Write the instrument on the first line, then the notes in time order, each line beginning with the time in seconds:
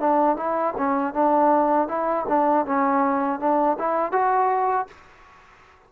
trombone
0.00 D4
0.37 E4
0.77 C#4
1.14 D4
1.88 E4
2.28 D4
2.66 C#4
3.40 D4
3.79 E4
4.12 F#4